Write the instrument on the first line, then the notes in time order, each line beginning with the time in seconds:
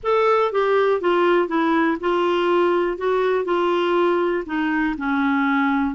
clarinet
0.03 A4
0.51 G4
1.01 F4
1.47 E4
2.00 F4
2.97 F#4
3.44 F4
4.46 D#4
4.97 C#4